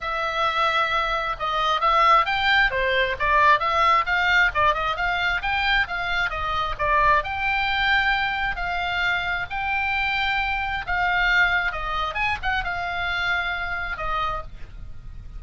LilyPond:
\new Staff \with { instrumentName = "oboe" } { \time 4/4 \tempo 4 = 133 e''2. dis''4 | e''4 g''4 c''4 d''4 | e''4 f''4 d''8 dis''8 f''4 | g''4 f''4 dis''4 d''4 |
g''2. f''4~ | f''4 g''2. | f''2 dis''4 gis''8 fis''8 | f''2. dis''4 | }